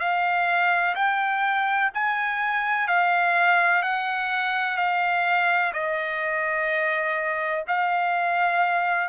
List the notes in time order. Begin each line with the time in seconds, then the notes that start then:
0.00 F5
0.96 G5
1.94 G#5
2.88 F5
3.83 F#5
4.78 F5
5.74 D#5
7.68 F5